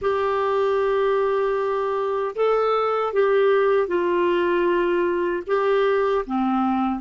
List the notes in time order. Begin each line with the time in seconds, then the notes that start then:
0.01 G4
2.36 A4
3.13 G4
3.87 F4
5.47 G4
6.26 C4